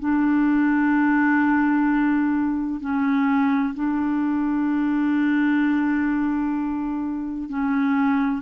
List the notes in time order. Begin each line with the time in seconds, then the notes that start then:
0.00 D4
2.81 C#4
3.75 D4
7.50 C#4